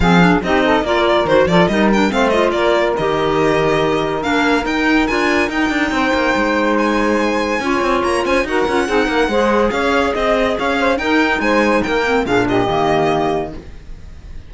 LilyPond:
<<
  \new Staff \with { instrumentName = "violin" } { \time 4/4 \tempo 4 = 142 f''4 dis''4 d''4 c''8 d''8 | dis''8 g''8 f''8 dis''8 d''4 dis''4~ | dis''2 f''4 g''4 | gis''4 g''2. |
gis''2. ais''8 gis''8 | fis''2. f''4 | dis''4 f''4 g''4 gis''4 | g''4 f''8 dis''2~ dis''8 | }
  \new Staff \with { instrumentName = "saxophone" } { \time 4/4 gis'4 g'8 a'8 ais'4. a'8 | ais'4 c''4 ais'2~ | ais'1~ | ais'2 c''2~ |
c''2 cis''4. c''8 | ais'4 gis'8 ais'8 c''4 cis''4 | dis''4 cis''8 c''8 ais'4 c''4 | ais'4 gis'8 g'2~ g'8 | }
  \new Staff \with { instrumentName = "clarinet" } { \time 4/4 c'8 d'8 dis'4 f'4 fis'8 f'8 | dis'8 d'8 c'8 f'4. g'4~ | g'2 d'4 dis'4 | f'4 dis'2.~ |
dis'2 f'2 | fis'8 f'8 dis'4 gis'2~ | gis'2 dis'2~ | dis'8 c'8 d'4 ais2 | }
  \new Staff \with { instrumentName = "cello" } { \time 4/4 f4 c'4 ais4 dis8 f8 | g4 a4 ais4 dis4~ | dis2 ais4 dis'4 | d'4 dis'8 d'8 c'8 ais8 gis4~ |
gis2 cis'8 c'8 ais8 cis'8 | dis'8 cis'8 c'8 ais8 gis4 cis'4 | c'4 cis'4 dis'4 gis4 | ais4 ais,4 dis2 | }
>>